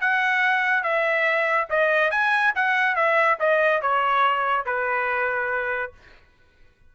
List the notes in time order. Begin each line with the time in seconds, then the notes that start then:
0.00 F#5
0.83 E5
1.69 D#5
2.11 G#5
2.55 F#5
2.95 E5
3.39 D#5
3.81 C#5
4.65 B4